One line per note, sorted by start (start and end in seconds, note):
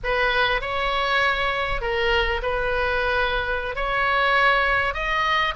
0.03 0.61 B4
0.61 1.81 C#5
1.81 2.41 A#4
2.42 3.75 B4
3.75 4.94 C#5
4.94 5.54 D#5